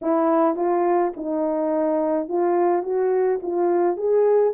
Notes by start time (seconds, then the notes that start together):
0.01 E4
0.56 F4
1.16 D#4
2.28 F4
2.83 F#4
3.42 F4
3.96 G#4